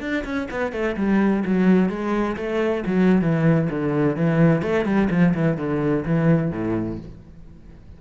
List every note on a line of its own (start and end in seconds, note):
0.00 0.24 D4
0.24 0.48 C#4
0.51 0.72 B3
0.72 0.96 A3
0.97 1.44 G3
1.45 1.89 F#3
1.89 2.36 G#3
2.36 2.84 A3
2.86 3.21 F#3
3.21 3.69 E3
3.70 4.16 D3
4.16 4.62 E3
4.62 4.85 A3
4.85 5.09 G3
5.10 5.34 F3
5.34 5.57 E3
5.57 6.05 D3
6.05 6.51 E3
6.51 6.98 A2